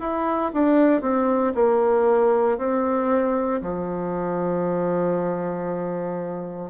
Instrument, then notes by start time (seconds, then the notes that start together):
bassoon
0.00 E4
0.54 D4
1.02 C4
1.55 A#3
2.58 C4
3.62 F3